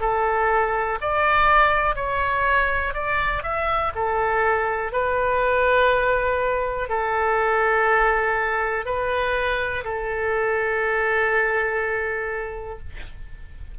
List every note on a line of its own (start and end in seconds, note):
0.00 0.98 A4
1.01 1.95 D5
1.95 2.93 C#5
2.93 3.42 D5
3.43 3.92 E5
3.95 4.92 A4
4.92 6.89 B4
6.89 8.85 A4
8.85 9.84 B4
9.84 12.79 A4